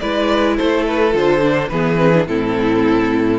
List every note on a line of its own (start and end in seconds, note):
0.00 0.59 G#3
0.00 1.13 E4
0.00 0.57 B4
0.00 0.57 D5
0.57 1.15 A3
0.57 1.70 A4
0.57 0.86 C5
0.87 1.15 B4
1.13 1.71 D3
1.13 1.41 F4
1.13 1.69 C5
1.42 1.70 D4
1.69 2.28 E3
1.69 1.98 B3
1.69 2.29 G#4
1.69 2.25 B4
1.98 2.12 C4
2.14 2.28 D4
2.28 3.40 A2
2.28 3.40 C4
2.28 3.40 E4
2.28 3.40 A4